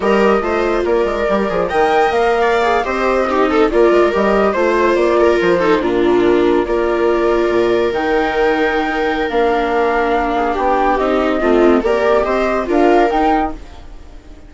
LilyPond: <<
  \new Staff \with { instrumentName = "flute" } { \time 4/4 \tempo 4 = 142 dis''2 d''2 | g''4 f''4.~ f''16 dis''4~ dis''16~ | dis''8. d''4 dis''4 c''4 d''16~ | d''8. c''4 ais'2 d''16~ |
d''2~ d''8. g''4~ g''16~ | g''2 f''2~ | f''4 g''4 dis''2 | d''4 dis''4 f''4 g''4 | }
  \new Staff \with { instrumentName = "viola" } { \time 4/4 ais'4 c''4 ais'2 | dis''4.~ dis''16 d''4 c''4 g'16~ | g'16 a'8 ais'2 c''4~ c''16~ | c''16 ais'4 a'8 f'2 ais'16~ |
ais'1~ | ais'1~ | ais'8 gis'8 g'2 f'4 | ais'4 c''4 ais'2 | }
  \new Staff \with { instrumentName = "viola" } { \time 4/4 g'4 f'2 g'8 gis'8 | ais'2~ ais'16 gis'8 g'4 dis'16~ | dis'8. f'4 g'4 f'4~ f'16~ | f'4~ f'16 dis'8 d'2 f'16~ |
f'2~ f'8. dis'4~ dis'16~ | dis'2 d'2~ | d'2 dis'4 c'4 | g'2 f'4 dis'4 | }
  \new Staff \with { instrumentName = "bassoon" } { \time 4/4 g4 a4 ais8 gis8 g8 f8 | dis4 ais4.~ ais16 c'4~ c'16~ | c'8. ais8 gis8 g4 a4 ais16~ | ais8. f4 ais,2 ais16~ |
ais4.~ ais16 ais,4 dis4~ dis16~ | dis2 ais2~ | ais4 b4 c'4 a4 | ais4 c'4 d'4 dis'4 | }
>>